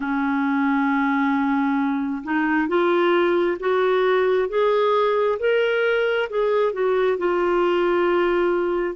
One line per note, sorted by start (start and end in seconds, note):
0.00 2.22 C#4
2.23 2.68 D#4
2.68 3.57 F4
3.59 4.48 F#4
4.48 5.38 G#4
5.39 6.28 A#4
6.29 6.72 G#4
6.72 7.17 F#4
7.18 8.95 F4